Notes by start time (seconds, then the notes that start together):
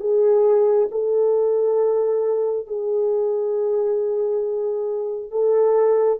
0.00 G#4
0.91 A4
2.67 G#4
5.31 A4